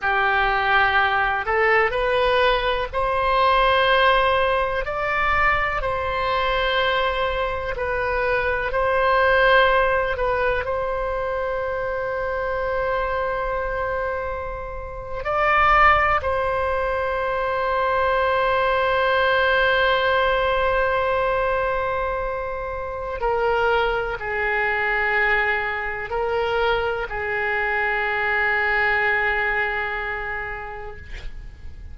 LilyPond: \new Staff \with { instrumentName = "oboe" } { \time 4/4 \tempo 4 = 62 g'4. a'8 b'4 c''4~ | c''4 d''4 c''2 | b'4 c''4. b'8 c''4~ | c''2.~ c''8. d''16~ |
d''8. c''2.~ c''16~ | c''1 | ais'4 gis'2 ais'4 | gis'1 | }